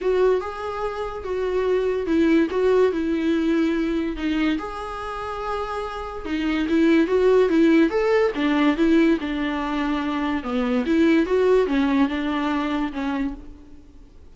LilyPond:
\new Staff \with { instrumentName = "viola" } { \time 4/4 \tempo 4 = 144 fis'4 gis'2 fis'4~ | fis'4 e'4 fis'4 e'4~ | e'2 dis'4 gis'4~ | gis'2. dis'4 |
e'4 fis'4 e'4 a'4 | d'4 e'4 d'2~ | d'4 b4 e'4 fis'4 | cis'4 d'2 cis'4 | }